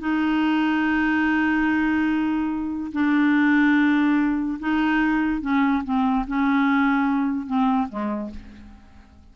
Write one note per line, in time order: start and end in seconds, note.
0.00 2.92 D#4
2.92 4.59 D4
4.60 5.41 D#4
5.41 5.83 C#4
5.84 6.25 C4
6.27 7.46 C#4
7.46 7.88 C4
7.89 8.30 G#3